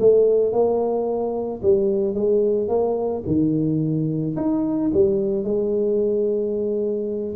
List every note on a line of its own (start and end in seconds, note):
0.00 0.53 A3
0.53 1.62 A#3
1.63 2.15 G3
2.15 2.69 G#3
2.69 3.24 A#3
3.27 4.36 D#3
4.37 4.92 D#4
4.94 5.44 G3
5.44 7.35 G#3